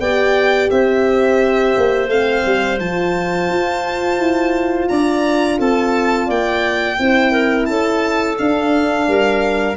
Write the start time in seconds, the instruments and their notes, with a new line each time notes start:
0.00 tuba B3, horn G4, clarinet D5, violin G5
0.70 tuba C4, clarinet C5, violin E5
1.77 tuba A#3
2.08 tuba A3, horn C4, violin F5
2.46 tuba G3
2.79 tuba F3, horn F4, violin A5
3.50 tuba F4
4.19 tuba E4
4.89 tuba D4, clarinet D5, violin A#5
5.59 tuba C4, clarinet A4, violin A5
6.27 tuba A#3, clarinet D5, violin G5
7.00 tuba C4, horn E4, clarinet C5
7.32 clarinet A#4
7.66 tuba C#4, clarinet A4, violin A5
8.38 horn D4, tuba D4, violin F5
9.08 tuba G3, clarinet A#4